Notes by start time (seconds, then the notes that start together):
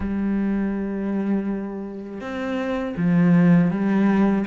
0.00 G3
2.21 C4
2.96 F3
3.70 G3